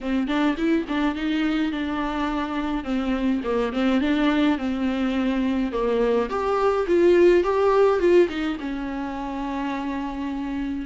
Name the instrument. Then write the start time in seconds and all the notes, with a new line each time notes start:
viola
0.01 C4
0.27 D4
0.57 E4
0.88 D4
1.15 D#4
1.72 D4
2.84 C4
3.44 A#3
3.72 C4
4.01 D4
4.58 C4
5.72 A#3
6.29 G4
6.87 F4
7.43 G4
7.99 F4
8.28 D#4
8.60 C#4